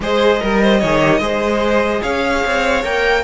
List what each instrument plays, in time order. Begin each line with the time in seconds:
0.00 cello G#3, viola G#4, violin C5 D#5
0.39 cello G3, viola A#4, violin A#4
0.62 violin C5
0.80 cello D#3, viola G#4, violin C#5
1.00 viola G4
1.19 cello G#3, viola G#4, violin C5
2.02 cello C#4, violin C#5 F5
2.45 cello C4
2.83 cello A#3, viola A#4, violin G5